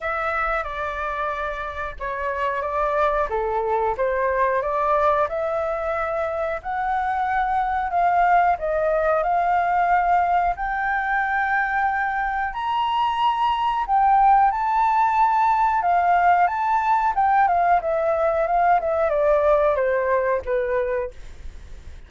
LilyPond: \new Staff \with { instrumentName = "flute" } { \time 4/4 \tempo 4 = 91 e''4 d''2 cis''4 | d''4 a'4 c''4 d''4 | e''2 fis''2 | f''4 dis''4 f''2 |
g''2. ais''4~ | ais''4 g''4 a''2 | f''4 a''4 g''8 f''8 e''4 | f''8 e''8 d''4 c''4 b'4 | }